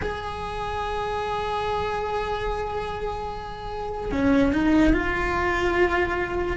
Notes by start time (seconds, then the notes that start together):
0.01 G#4
4.11 C#4
4.52 D#4
4.93 F4